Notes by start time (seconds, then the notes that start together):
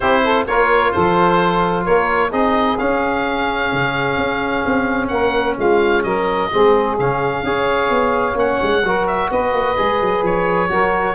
0.00 C4 E4 G4 C5
0.23 A4
0.46 A#3 F4 A#4 C#5
0.91 F3 A4 C5
1.84 A#3 A#4 C#5
2.29 C4 D#4 G#4 D#5
2.78 C#4 F5
3.72 C#3
4.17 C#4
4.65 C4
5.07 A#3 A#4 F#5
5.56 G#3 F4 F5
6.03 F#3 A#4 D#5
6.51 G#3 C4 G#4
6.99 C#3 C#4 F5
7.43 C#4 G#4 C#5
7.89 B3
8.34 A#3 C#4 F#5
8.62 G#3
8.83 F#3 F#4 A#4
9.07 E5
9.30 B3 B4 D#5
9.53 A#3
9.77 G#3 G#4
10.01 F#3
10.22 F3 C#5
10.69 F#3 F#4 A#4